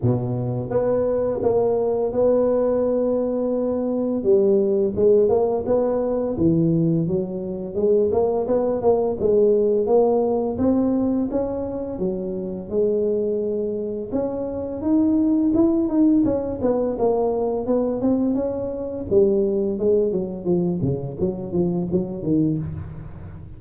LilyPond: \new Staff \with { instrumentName = "tuba" } { \time 4/4 \tempo 4 = 85 b,4 b4 ais4 b4~ | b2 g4 gis8 ais8 | b4 e4 fis4 gis8 ais8 | b8 ais8 gis4 ais4 c'4 |
cis'4 fis4 gis2 | cis'4 dis'4 e'8 dis'8 cis'8 b8 | ais4 b8 c'8 cis'4 g4 | gis8 fis8 f8 cis8 fis8 f8 fis8 dis8 | }